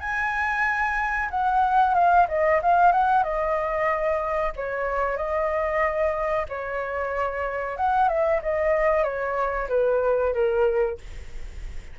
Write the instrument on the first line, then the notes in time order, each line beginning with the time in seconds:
flute
0.00 G#5
1.30 F#5
1.94 F5
2.28 D#5
2.62 F5
2.92 F#5
3.23 D#5
4.56 C#5
5.17 D#5
6.49 C#5
7.77 F#5
8.09 E5
8.43 D#5
9.04 C#5
9.69 B4
10.33 A#4